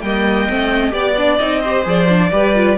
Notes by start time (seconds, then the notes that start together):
0.00 G3 A#3 D#5 G5
0.48 A3 C4
0.90 B3 G4 D5
1.17 D4
1.38 C4 D#4 D#5
1.60 G4 C5
1.84 F3 G#4 D5
2.08 D4
2.31 G3 G4 B4
2.55 F4